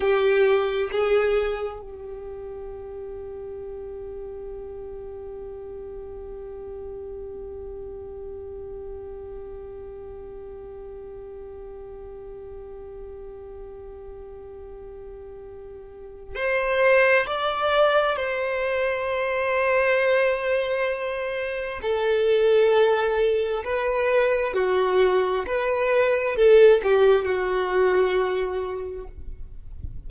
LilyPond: \new Staff \with { instrumentName = "violin" } { \time 4/4 \tempo 4 = 66 g'4 gis'4 g'2~ | g'1~ | g'1~ | g'1~ |
g'2 c''4 d''4 | c''1 | a'2 b'4 fis'4 | b'4 a'8 g'8 fis'2 | }